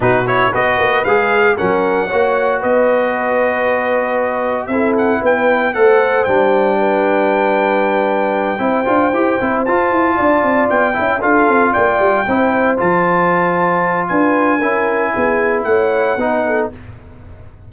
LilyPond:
<<
  \new Staff \with { instrumentName = "trumpet" } { \time 4/4 \tempo 4 = 115 b'8 cis''8 dis''4 f''4 fis''4~ | fis''4 dis''2.~ | dis''4 e''8 fis''8 g''4 fis''4 | g''1~ |
g''2~ g''8 a''4.~ | a''8 g''4 f''4 g''4.~ | g''8 a''2~ a''8 gis''4~ | gis''2 fis''2 | }
  \new Staff \with { instrumentName = "horn" } { \time 4/4 fis'4 b'2 ais'4 | cis''4 b'2.~ | b'4 a'4 b'4 c''4~ | c''4 b'2.~ |
b'8 c''2. d''8~ | d''4 e''8 a'4 d''4 c''8~ | c''2. b'4 | ais'4 gis'4 cis''4 b'8 a'8 | }
  \new Staff \with { instrumentName = "trombone" } { \time 4/4 dis'8 e'8 fis'4 gis'4 cis'4 | fis'1~ | fis'4 e'2 a'4 | d'1~ |
d'8 e'8 f'8 g'8 e'8 f'4.~ | f'4 e'8 f'2 e'8~ | e'8 f'2.~ f'8 | e'2. dis'4 | }
  \new Staff \with { instrumentName = "tuba" } { \time 4/4 b,4 b8 ais8 gis4 fis4 | ais4 b2.~ | b4 c'4 b4 a4 | g1~ |
g8 c'8 d'8 e'8 c'8 f'8 e'8 d'8 | c'8 b8 cis'8 d'8 c'8 ais8 g8 c'8~ | c'8 f2~ f8 d'4 | cis'4 b4 a4 b4 | }
>>